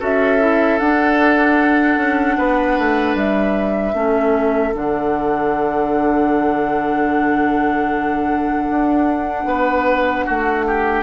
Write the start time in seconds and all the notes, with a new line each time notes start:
0.00 C#4 F#4 A4 E5
0.40 E4
0.79 D4 F#5
1.97 C#4
2.38 B3 B4
2.78 A3
3.15 G3 E5
3.94 A3 C#4 A4
4.75 D3 D4 F#5
8.70 D4
9.45 B3 B4
10.26 A3 F#4
10.67 G4